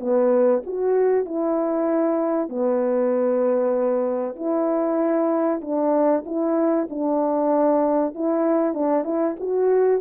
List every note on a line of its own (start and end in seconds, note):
0.00 0.62 B3
0.66 1.25 F#4
1.25 2.49 E4
2.49 4.36 B3
4.36 5.61 E4
5.62 6.24 D4
6.26 6.88 E4
6.90 8.15 D4
8.15 8.74 E4
8.74 9.04 D4
9.04 9.35 E4
9.40 10.01 F#4